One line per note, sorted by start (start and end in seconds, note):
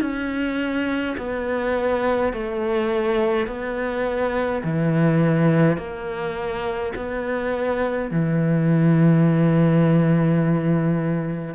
0.00 1.15 C#4
1.17 2.32 B3
2.32 3.47 A3
3.47 4.62 B3
4.64 5.77 E3
5.77 6.92 A#3
6.95 8.11 B3
8.11 11.54 E3